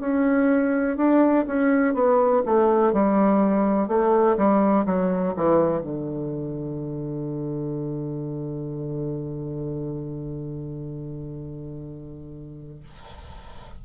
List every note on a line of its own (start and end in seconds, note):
0.00 0.97 C#4
0.97 1.45 D4
1.47 1.94 C#4
1.94 2.42 B3
2.45 2.93 A3
2.93 3.88 G3
3.88 4.36 A3
4.37 4.85 G3
4.86 5.34 F#3
5.36 5.82 E3
5.82 12.83 D3